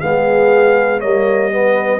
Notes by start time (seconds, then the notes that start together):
0.00 G#3 B3 G#4 F5
1.00 G3 A#3 C#5 D#5
1.51 B3 B4